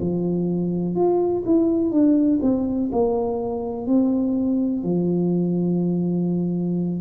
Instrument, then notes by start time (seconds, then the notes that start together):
tuba
0.00 F3
0.95 F4
1.46 E4
1.91 D4
2.41 C4
2.92 A#3
3.86 C4
4.83 F3